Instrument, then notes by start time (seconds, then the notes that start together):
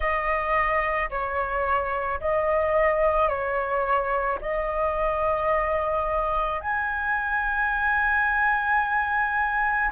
flute
0.00 D#5
1.10 C#5
2.20 D#5
3.29 C#5
4.41 D#5
6.60 G#5